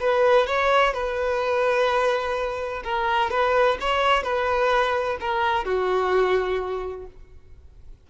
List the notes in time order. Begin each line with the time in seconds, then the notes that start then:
0.00 B4
0.47 C#5
0.94 B4
2.85 A#4
3.30 B4
3.81 C#5
4.24 B4
5.21 A#4
5.65 F#4